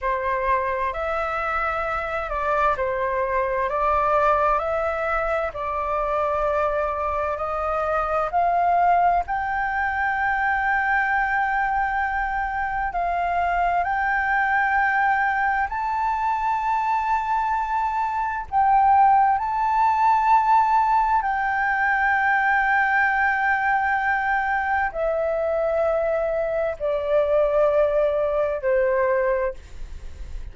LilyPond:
\new Staff \with { instrumentName = "flute" } { \time 4/4 \tempo 4 = 65 c''4 e''4. d''8 c''4 | d''4 e''4 d''2 | dis''4 f''4 g''2~ | g''2 f''4 g''4~ |
g''4 a''2. | g''4 a''2 g''4~ | g''2. e''4~ | e''4 d''2 c''4 | }